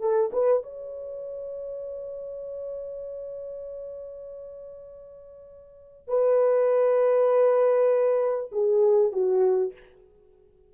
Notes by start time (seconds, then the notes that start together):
0.00 A4
0.32 B4
0.63 C#5
6.07 B4
8.51 G#4
9.12 F#4